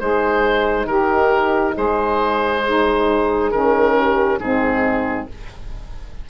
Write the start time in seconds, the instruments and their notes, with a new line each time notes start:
0.00 bassoon G#3, horn D#4, saxophone G#4, oboe C5
0.86 bassoon D#3, saxophone G4, oboe A#4
1.74 bassoon G#3, saxophone G#4, oboe C5
2.63 saxophone D#4, horn G#4
3.51 bassoon D#3, saxophone C#4, oboe A#4
3.98 horn G4
4.39 bassoon G#2, saxophone C4, horn D#4, oboe G#4